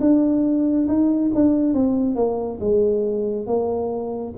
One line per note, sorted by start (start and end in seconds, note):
0.00 0.87 D4
0.88 1.31 D#4
1.35 1.74 D4
1.74 2.15 C4
2.15 2.59 A#3
2.60 3.47 G#3
3.47 4.34 A#3